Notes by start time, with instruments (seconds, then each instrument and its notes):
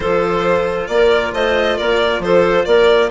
0.00 bassoon F3, cello F4, clarinet A4, violin C5
0.87 bassoon A#3, violin D5
0.93 clarinet A#4
1.33 bassoon A3, clarinet C5, violin D#5
1.77 bassoon A#3, clarinet A#4, violin D5
2.19 bassoon F3, clarinet A4, violin C5
2.65 bassoon A#3, clarinet A#4, violin D5